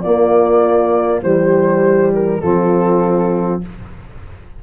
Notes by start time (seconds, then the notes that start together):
0.00 A#3 F4 D5
1.22 E3 G3 G4 C5
2.12 A#4
2.41 F3 C4 F4 A4